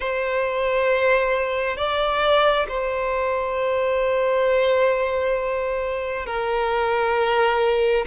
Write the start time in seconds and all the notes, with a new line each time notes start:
0.00 C5
1.77 D5
2.68 C5
6.26 A#4